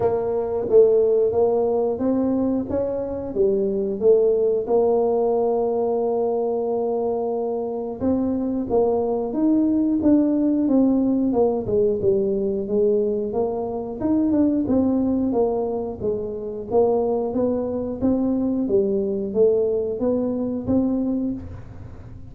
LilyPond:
\new Staff \with { instrumentName = "tuba" } { \time 4/4 \tempo 4 = 90 ais4 a4 ais4 c'4 | cis'4 g4 a4 ais4~ | ais1 | c'4 ais4 dis'4 d'4 |
c'4 ais8 gis8 g4 gis4 | ais4 dis'8 d'8 c'4 ais4 | gis4 ais4 b4 c'4 | g4 a4 b4 c'4 | }